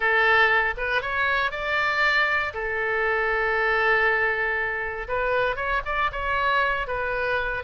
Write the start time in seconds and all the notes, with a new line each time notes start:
0.00 A4
0.77 B4
1.01 C#5
1.51 D5
2.53 A4
5.07 B4
5.56 C#5
5.85 D5
6.11 C#5
6.87 B4